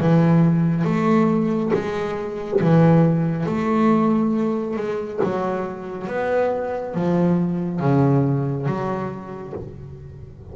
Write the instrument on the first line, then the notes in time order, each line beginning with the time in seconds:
double bass
0.00 E3
0.85 A3
1.74 G#3
2.61 E3
3.46 A3
4.77 G#3
5.23 F#3
6.07 B3
6.94 F3
7.79 C#3
8.66 F#3